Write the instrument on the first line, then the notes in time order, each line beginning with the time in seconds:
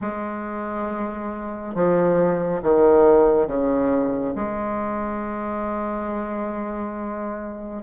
bassoon
0.01 G#3
1.74 F3
2.62 D#3
3.47 C#3
4.35 G#3